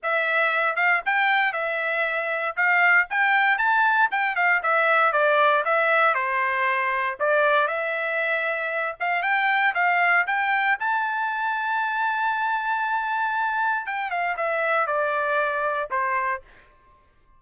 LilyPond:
\new Staff \with { instrumentName = "trumpet" } { \time 4/4 \tempo 4 = 117 e''4. f''8 g''4 e''4~ | e''4 f''4 g''4 a''4 | g''8 f''8 e''4 d''4 e''4 | c''2 d''4 e''4~ |
e''4. f''8 g''4 f''4 | g''4 a''2.~ | a''2. g''8 f''8 | e''4 d''2 c''4 | }